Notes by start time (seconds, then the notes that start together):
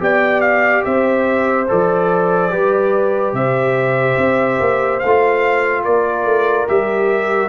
0.00 B3 G4 D5 G5
0.41 F5
0.85 C4 C5 E5
1.69 F3 A4 D5
2.51 G3 G4 B4
3.33 C3 C5 E5
4.18 C4
4.61 A#3
5.00 A3 F5
5.07 F4
5.84 A#3 A#4 D5
6.25 A3
6.68 G3 G4 E5